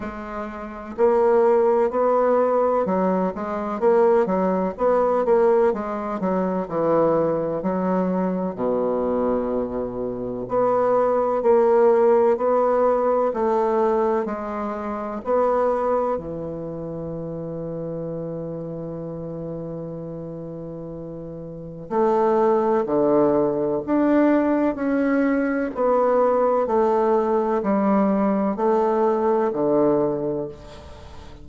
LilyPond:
\new Staff \with { instrumentName = "bassoon" } { \time 4/4 \tempo 4 = 63 gis4 ais4 b4 fis8 gis8 | ais8 fis8 b8 ais8 gis8 fis8 e4 | fis4 b,2 b4 | ais4 b4 a4 gis4 |
b4 e2.~ | e2. a4 | d4 d'4 cis'4 b4 | a4 g4 a4 d4 | }